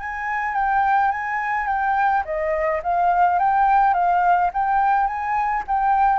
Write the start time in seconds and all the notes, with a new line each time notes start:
0.00 G#5
0.55 G5
1.12 G#5
1.67 G5
2.25 D#5
2.84 F5
3.39 G5
3.94 F5
4.54 G5
5.07 G#5
5.68 G5